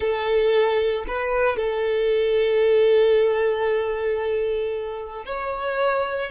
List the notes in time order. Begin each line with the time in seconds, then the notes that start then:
0.00 A4
1.07 B4
1.56 A4
5.25 C#5